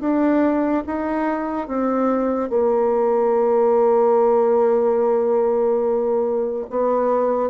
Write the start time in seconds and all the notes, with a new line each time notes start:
0.00 D4
0.86 D#4
1.67 C4
2.49 A#3
6.70 B3